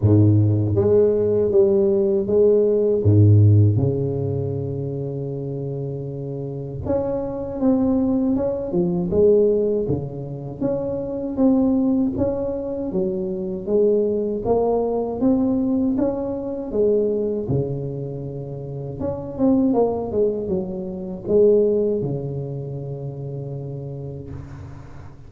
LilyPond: \new Staff \with { instrumentName = "tuba" } { \time 4/4 \tempo 4 = 79 gis,4 gis4 g4 gis4 | gis,4 cis2.~ | cis4 cis'4 c'4 cis'8 f8 | gis4 cis4 cis'4 c'4 |
cis'4 fis4 gis4 ais4 | c'4 cis'4 gis4 cis4~ | cis4 cis'8 c'8 ais8 gis8 fis4 | gis4 cis2. | }